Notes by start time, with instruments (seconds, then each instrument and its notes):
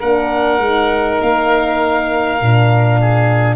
0.00 tuba A#3, horn D4, oboe A#4, violin F#5
0.59 tuba G#3, horn D#4
1.22 tuba A#3, violin F5
2.42 tuba A#2, horn D4
3.01 oboe G#4